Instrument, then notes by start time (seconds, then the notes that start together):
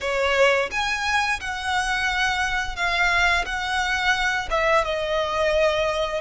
violin
0.01 C#5
0.71 G#5
1.40 F#5
2.76 F5
3.45 F#5
4.50 E5
4.84 D#5